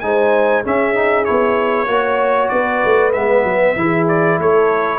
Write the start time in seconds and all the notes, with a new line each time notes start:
0.00 G#3 D#4 C5 G#5
0.63 C#4 G#4 E5
0.94 D#4
1.24 B3 E4 C#5
1.86 A#3 F#4 C#5
2.49 B3 B4 D5
2.84 A3
3.12 G#3 B3 E5
3.44 F#3
3.76 E3 E4 G#4
4.08 D5
4.38 A3 A4 C#5